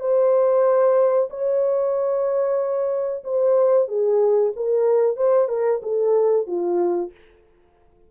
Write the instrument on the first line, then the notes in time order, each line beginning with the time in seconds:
horn
0.00 C5
1.30 C#5
3.24 C5
3.88 G#4
4.56 A#4
5.16 C5
5.48 A#4
5.82 A4
6.47 F4